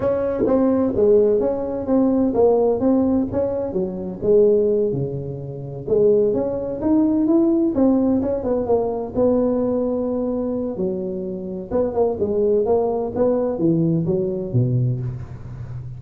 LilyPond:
\new Staff \with { instrumentName = "tuba" } { \time 4/4 \tempo 4 = 128 cis'4 c'4 gis4 cis'4 | c'4 ais4 c'4 cis'4 | fis4 gis4. cis4.~ | cis8 gis4 cis'4 dis'4 e'8~ |
e'8 c'4 cis'8 b8 ais4 b8~ | b2. fis4~ | fis4 b8 ais8 gis4 ais4 | b4 e4 fis4 b,4 | }